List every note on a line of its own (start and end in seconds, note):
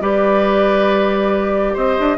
0.00 1.75 G3
0.00 2.17 G4
0.00 1.73 B4
0.00 1.76 D5
1.73 1.97 C4
1.73 2.17 C5
1.73 2.17 D#5
1.99 2.17 D4